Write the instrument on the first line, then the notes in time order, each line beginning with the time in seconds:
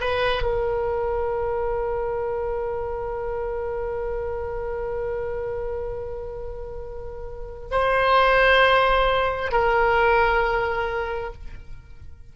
oboe
0.00 B4
0.42 A#4
7.71 C5
9.52 A#4